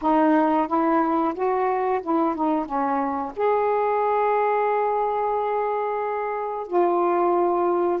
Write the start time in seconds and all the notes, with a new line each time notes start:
0.01 D#4
0.67 E4
1.34 F#4
2.02 E4
2.35 D#4
2.65 C#4
3.36 G#4
6.67 F4